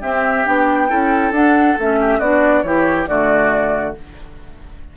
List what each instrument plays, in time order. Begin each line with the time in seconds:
0.00 clarinet C4, bassoon C4, oboe G4, flute E5
0.45 bassoon B3, clarinet D4, flute G5
0.89 bassoon C#4, clarinet E4, oboe A4
1.31 bassoon D4, clarinet D4, flute F#5
1.78 bassoon A3, clarinet C#4, flute E5
2.00 oboe G4
2.19 bassoon B3, clarinet D4, oboe F#4, flute D5
2.62 bassoon E3, clarinet E4, oboe G4, flute C#5
3.07 bassoon D3, clarinet A3, oboe F#4, flute D5